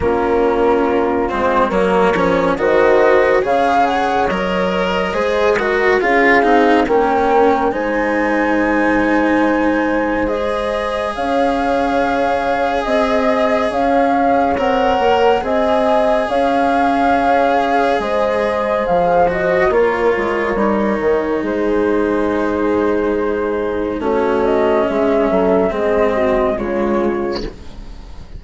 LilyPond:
<<
  \new Staff \with { instrumentName = "flute" } { \time 4/4 \tempo 4 = 70 ais'4. c''8 cis''4 dis''4 | f''8 fis''8 dis''2 f''4 | g''4 gis''2. | dis''4 f''2 dis''4 |
f''4 fis''4 gis''4 f''4~ | f''4 dis''4 f''8 dis''8 cis''4~ | cis''4 c''2. | cis''8 dis''8 e''4 dis''4 cis''4 | }
  \new Staff \with { instrumentName = "horn" } { \time 4/4 f'2 ais'4 c''4 | cis''2 c''8 ais'8 gis'4 | ais'4 c''2.~ | c''4 cis''2 dis''4 |
cis''2 dis''4 cis''4~ | cis''4 c''2 ais'4~ | ais'4 gis'2. | fis'4 gis'8 a'8 gis'8 fis'8 f'4 | }
  \new Staff \with { instrumentName = "cello" } { \time 4/4 cis'4. c'8 ais8 cis'8 fis'4 | gis'4 ais'4 gis'8 fis'8 f'8 dis'8 | cis'4 dis'2. | gis'1~ |
gis'4 ais'4 gis'2~ | gis'2~ gis'8 fis'8 f'4 | dis'1 | cis'2 c'4 gis4 | }
  \new Staff \with { instrumentName = "bassoon" } { \time 4/4 ais4. gis8 fis8 f8 dis4 | cis4 fis4 gis4 cis'8 c'8 | ais4 gis2.~ | gis4 cis'2 c'4 |
cis'4 c'8 ais8 c'4 cis'4~ | cis'4 gis4 f4 ais8 gis8 | g8 dis8 gis2. | a4 gis8 fis8 gis4 cis4 | }
>>